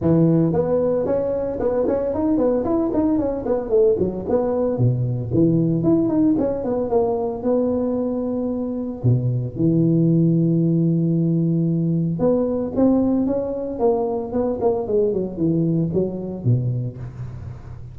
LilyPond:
\new Staff \with { instrumentName = "tuba" } { \time 4/4 \tempo 4 = 113 e4 b4 cis'4 b8 cis'8 | dis'8 b8 e'8 dis'8 cis'8 b8 a8 fis8 | b4 b,4 e4 e'8 dis'8 | cis'8 b8 ais4 b2~ |
b4 b,4 e2~ | e2. b4 | c'4 cis'4 ais4 b8 ais8 | gis8 fis8 e4 fis4 b,4 | }